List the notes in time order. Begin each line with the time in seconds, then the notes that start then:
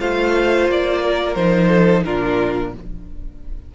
0.00 A3 F4 C5 F5
0.68 A#3 D5
1.02 A#4
1.35 F3 D#4 C5
1.69 A4
2.05 A#2 D4 F4 A#4